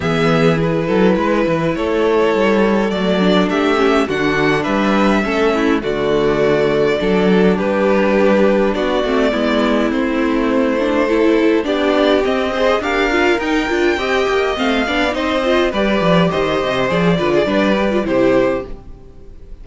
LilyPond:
<<
  \new Staff \with { instrumentName = "violin" } { \time 4/4 \tempo 4 = 103 e''4 b'2 cis''4~ | cis''4 d''4 e''4 fis''4 | e''2 d''2~ | d''4 b'2 d''4~ |
d''4 c''2. | d''4 dis''4 f''4 g''4~ | g''4 f''4 dis''4 d''4 | dis''4 d''2 c''4 | }
  \new Staff \with { instrumentName = "violin" } { \time 4/4 gis'4. a'8 b'4 a'4~ | a'2 g'4 fis'4 | b'4 a'8 e'8 fis'2 | a'4 g'2 fis'4 |
e'2. a'4 | g'4. c''8 ais'2 | dis''4. d''8 c''4 b'4 | c''4. b'16 gis'16 b'4 g'4 | }
  \new Staff \with { instrumentName = "viola" } { \time 4/4 b4 e'2.~ | e'4 a8 d'4 cis'8 d'4~ | d'4 cis'4 a2 | d'2.~ d'8 c'8 |
b4 c'4. d'8 e'4 | d'4 c'8 gis'8 g'8 f'8 dis'8 f'8 | g'4 c'8 d'8 dis'8 f'8 g'4~ | g'4 gis'8 f'8 d'8 g'16 f'16 e'4 | }
  \new Staff \with { instrumentName = "cello" } { \time 4/4 e4. fis8 gis8 e8 a4 | g4 fis4 a4 d4 | g4 a4 d2 | fis4 g2 b8 a8 |
gis4 a2. | b4 c'4 d'4 dis'8 d'8 | c'8 ais8 a8 b8 c'4 g8 f8 | dis8 c8 f8 d8 g4 c4 | }
>>